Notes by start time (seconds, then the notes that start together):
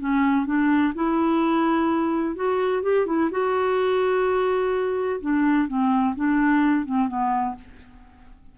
0.00 C#4
0.46 D4
0.95 E4
2.36 F#4
2.83 G4
3.06 E4
3.32 F#4
5.21 D4
5.68 C4
6.16 D4
6.85 C4
7.08 B3